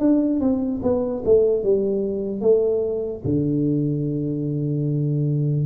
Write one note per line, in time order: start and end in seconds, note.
0.00 0.41 D4
0.41 0.81 C4
0.83 1.23 B3
1.25 1.64 A3
1.64 2.41 G3
2.41 3.22 A3
3.25 5.67 D3